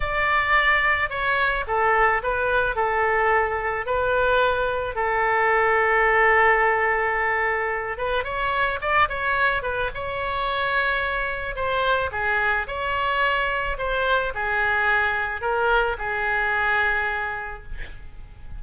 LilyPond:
\new Staff \with { instrumentName = "oboe" } { \time 4/4 \tempo 4 = 109 d''2 cis''4 a'4 | b'4 a'2 b'4~ | b'4 a'2.~ | a'2~ a'8 b'8 cis''4 |
d''8 cis''4 b'8 cis''2~ | cis''4 c''4 gis'4 cis''4~ | cis''4 c''4 gis'2 | ais'4 gis'2. | }